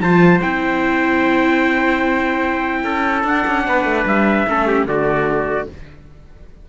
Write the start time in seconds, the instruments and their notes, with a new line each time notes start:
0.00 cello F3, viola F4, trumpet C5 A5
0.42 cello C4, viola E4, trumpet G5
2.84 cello C#4, trumpet A4
3.24 cello D4, viola D4, trumpet F#5
3.47 cello C#4
3.67 cello B3, trumpet B4
3.85 cello A3
4.05 cello G3, trumpet E5
4.47 cello A3, viola C#4, trumpet A4
4.67 trumpet G4
4.85 cello D3, viola A3, trumpet F#4 D5